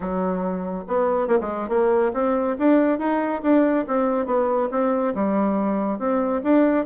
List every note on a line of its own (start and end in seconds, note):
0.00 0.84 F#3
0.87 1.27 B3
1.27 1.38 A#3
1.40 1.69 G#3
1.69 2.11 A#3
2.13 2.56 C4
2.58 2.98 D4
2.98 3.41 D#4
3.42 3.85 D4
3.87 4.26 C4
4.26 4.69 B3
4.71 5.14 C4
5.14 5.98 G3
5.98 6.41 C4
6.43 6.85 D4